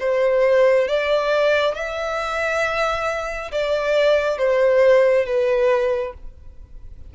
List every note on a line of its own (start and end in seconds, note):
0.00 0.88 C5
0.89 1.75 D5
1.75 3.52 E5
3.52 4.38 D5
4.38 5.26 C5
5.26 6.14 B4